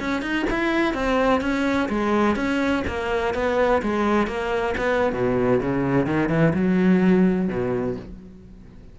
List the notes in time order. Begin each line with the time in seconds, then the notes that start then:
0.00 C#4
0.22 D#4
0.50 E4
0.94 C4
1.41 C#4
1.89 G#3
2.36 C#4
2.87 A#3
3.34 B3
3.82 G#3
4.27 A#3
4.77 B3
5.13 B2
5.61 C#3
6.06 D#3
6.29 E3
6.54 F#3
7.49 B2